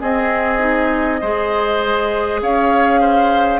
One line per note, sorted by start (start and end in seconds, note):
0.00 0.59 C4
0.00 1.21 C4
0.00 1.20 G#4
0.00 2.41 D#5
0.59 1.19 D#4
1.20 2.41 G#3
1.20 3.60 G#4
1.20 2.40 C5
2.41 3.60 C#4
2.41 3.00 C#5
2.41 3.60 F5
3.00 3.60 C5